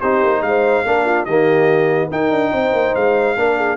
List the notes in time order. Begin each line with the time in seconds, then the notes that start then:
0.00 C4 D#4 G4 C5
0.23 A#3
0.41 G#3 C5 F5
0.85 A#3 D4 A#4
1.05 F4
1.25 D#3 A#3 G4 D#5
2.10 D#4 A#4 G5
2.31 D4
2.52 C4 C5
2.72 A#3
2.95 G#3 F5
3.36 A#3 D4 A#4
3.56 G#4